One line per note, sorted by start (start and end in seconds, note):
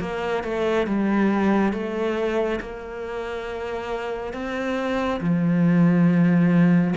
0.00 0.43 A#3
0.43 0.87 A3
0.87 1.73 G3
1.73 2.60 A3
2.60 4.33 A#3
4.33 5.20 C4
5.20 6.94 F3